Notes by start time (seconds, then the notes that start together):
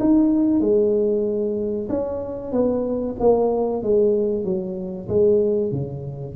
0.00 D#4
0.61 G#3
1.89 C#4
2.52 B3
3.20 A#3
3.83 G#3
4.45 F#3
5.09 G#3
5.72 C#3